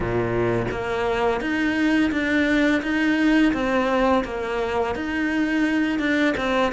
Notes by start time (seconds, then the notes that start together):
0.00 A#2
0.71 A#3
1.40 D#4
2.11 D4
2.82 D#4
3.53 C4
4.24 A#3
4.95 D#4
5.99 D4
6.37 C4